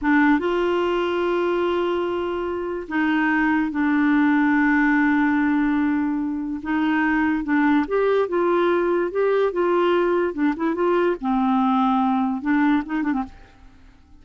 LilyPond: \new Staff \with { instrumentName = "clarinet" } { \time 4/4 \tempo 4 = 145 d'4 f'2.~ | f'2. dis'4~ | dis'4 d'2.~ | d'1 |
dis'2 d'4 g'4 | f'2 g'4 f'4~ | f'4 d'8 e'8 f'4 c'4~ | c'2 d'4 dis'8 d'16 c'16 | }